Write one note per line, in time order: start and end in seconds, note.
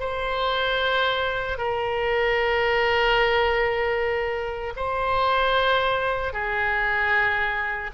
0.00 1.58 C5
1.58 4.74 A#4
4.76 6.33 C5
6.33 7.91 G#4